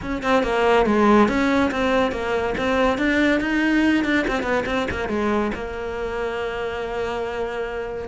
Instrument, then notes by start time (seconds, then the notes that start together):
cello
0.02 C#4
0.22 C4
0.43 A#3
0.86 G#3
1.28 C#4
1.71 C4
2.11 A#3
2.57 C4
2.97 D4
3.40 D#4
4.04 D4
4.27 C4
4.42 B3
4.66 C4
4.91 A#3
5.09 G#3
5.54 A#3